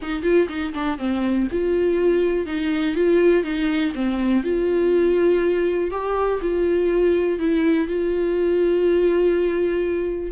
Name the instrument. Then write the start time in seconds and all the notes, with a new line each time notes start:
viola
0.02 D#4
0.23 F4
0.48 D#4
0.74 D4
0.98 C4
1.51 F4
2.46 D#4
2.95 F4
3.43 D#4
3.95 C4
4.43 F4
5.90 G4
6.41 F4
7.39 E4
7.87 F4